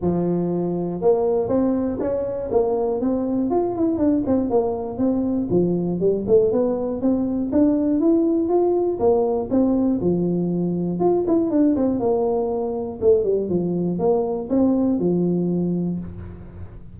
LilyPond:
\new Staff \with { instrumentName = "tuba" } { \time 4/4 \tempo 4 = 120 f2 ais4 c'4 | cis'4 ais4 c'4 f'8 e'8 | d'8 c'8 ais4 c'4 f4 | g8 a8 b4 c'4 d'4 |
e'4 f'4 ais4 c'4 | f2 f'8 e'8 d'8 c'8 | ais2 a8 g8 f4 | ais4 c'4 f2 | }